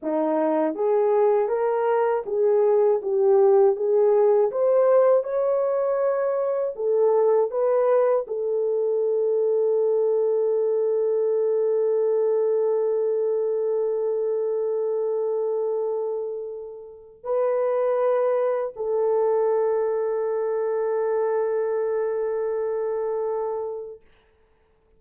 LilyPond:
\new Staff \with { instrumentName = "horn" } { \time 4/4 \tempo 4 = 80 dis'4 gis'4 ais'4 gis'4 | g'4 gis'4 c''4 cis''4~ | cis''4 a'4 b'4 a'4~ | a'1~ |
a'1~ | a'2. b'4~ | b'4 a'2.~ | a'1 | }